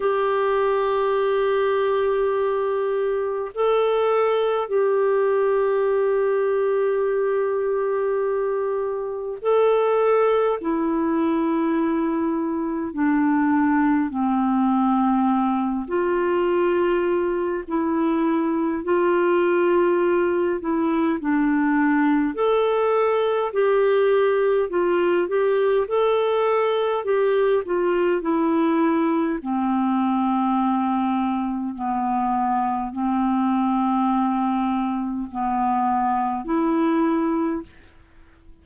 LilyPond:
\new Staff \with { instrumentName = "clarinet" } { \time 4/4 \tempo 4 = 51 g'2. a'4 | g'1 | a'4 e'2 d'4 | c'4. f'4. e'4 |
f'4. e'8 d'4 a'4 | g'4 f'8 g'8 a'4 g'8 f'8 | e'4 c'2 b4 | c'2 b4 e'4 | }